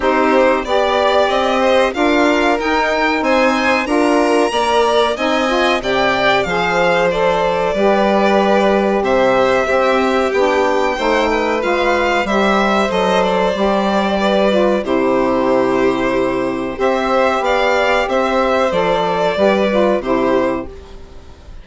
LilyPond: <<
  \new Staff \with { instrumentName = "violin" } { \time 4/4 \tempo 4 = 93 c''4 d''4 dis''4 f''4 | g''4 gis''4 ais''2 | gis''4 g''4 f''4 d''4~ | d''2 e''2 |
g''2 f''4 e''4 | dis''8 d''2~ d''8 c''4~ | c''2 e''4 f''4 | e''4 d''2 c''4 | }
  \new Staff \with { instrumentName = "violin" } { \time 4/4 g'4 d''4. c''8 ais'4~ | ais'4 c''4 ais'4 d''4 | dis''4 d''4 c''2 | b'2 c''4 g'4~ |
g'4 c''8 b'4. c''4~ | c''2 b'4 g'4~ | g'2 c''4 d''4 | c''2 b'4 g'4 | }
  \new Staff \with { instrumentName = "saxophone" } { \time 4/4 dis'4 g'2 f'4 | dis'2 f'4 ais'4 | dis'8 f'8 g'4 gis'4 a'4 | g'2. c'4 |
d'4 dis'4 f'4 g'4 | a'4 g'4. f'8 e'4~ | e'2 g'2~ | g'4 a'4 g'8 f'8 e'4 | }
  \new Staff \with { instrumentName = "bassoon" } { \time 4/4 c'4 b4 c'4 d'4 | dis'4 c'4 d'4 ais4 | c'4 c4 f2 | g2 c4 c'4 |
b4 a4 gis4 g4 | fis4 g2 c4~ | c2 c'4 b4 | c'4 f4 g4 c4 | }
>>